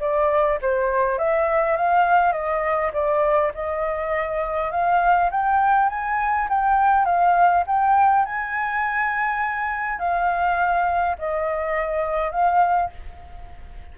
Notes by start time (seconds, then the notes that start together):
0.00 D5
0.61 C5
1.18 E5
1.76 F5
2.32 D#5
2.93 D5
3.54 D#5
4.71 F5
5.30 G5
5.89 G#5
6.49 G5
7.05 F5
7.67 G5
8.26 G#5
9.99 F5
11.18 D#5
12.31 F5